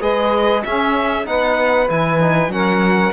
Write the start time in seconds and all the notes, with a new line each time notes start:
0.00 G#3 G#4 B4 D#5
0.63 C#4 G#4 E5
1.25 B3 D#4 B4 F#5
1.88 E3 E4 G#5
2.21 D#4
2.47 F#3 C#4 A#4 F#5